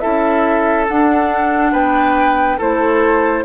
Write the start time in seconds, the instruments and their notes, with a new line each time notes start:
0.00 bassoon C#4, clarinet E4, oboe A4, flute E5
0.88 bassoon D4, clarinet D4, flute F#5
1.72 bassoon B3, oboe B4, flute G5
2.58 bassoon A3, clarinet E4, oboe A4, flute C5